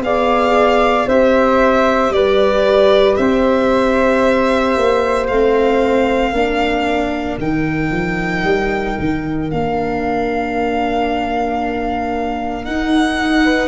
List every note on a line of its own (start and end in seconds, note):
0.00 1.05 B3
0.00 1.08 G#4
0.00 1.07 D5
0.00 1.08 F5
1.07 2.10 C4
1.07 5.30 G4
1.07 2.12 C5
1.07 2.12 E5
2.10 3.15 G3
2.10 3.19 B4
2.10 3.16 D5
3.16 4.76 C4
3.16 6.32 C5
3.16 5.26 E5
4.76 5.29 A#3
5.27 6.31 A3
5.27 6.34 C4
5.27 7.37 F5
6.31 7.37 A#3
6.31 7.40 D4
6.31 13.43 A#4
7.38 7.91 D#3
7.38 9.50 D#4
7.38 9.50 G5
7.91 8.43 F3
8.43 8.96 G3
8.99 9.51 D#3
9.50 12.66 A#3
9.50 12.64 D4
9.50 12.64 F5
12.64 13.67 D#4
12.64 13.67 F#5
13.44 13.67 B4